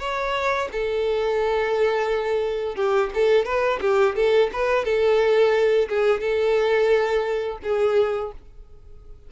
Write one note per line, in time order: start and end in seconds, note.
0.00 0.69 C#5
0.72 2.76 A4
2.76 3.11 G4
3.15 3.45 A4
3.45 3.80 B4
3.82 4.16 G4
4.16 4.51 A4
4.53 4.85 B4
4.85 5.89 A4
5.89 6.21 G#4
6.21 7.59 A4
7.64 8.33 G#4